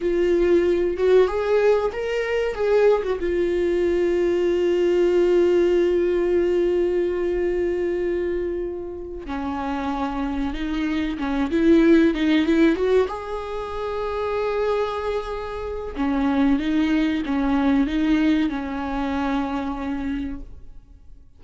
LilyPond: \new Staff \with { instrumentName = "viola" } { \time 4/4 \tempo 4 = 94 f'4. fis'8 gis'4 ais'4 | gis'8. fis'16 f'2.~ | f'1~ | f'2~ f'8 cis'4.~ |
cis'8 dis'4 cis'8 e'4 dis'8 e'8 | fis'8 gis'2.~ gis'8~ | gis'4 cis'4 dis'4 cis'4 | dis'4 cis'2. | }